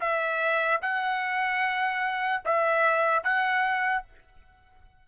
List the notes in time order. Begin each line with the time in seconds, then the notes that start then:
0.00 E5
0.81 F#5
2.45 E5
3.24 F#5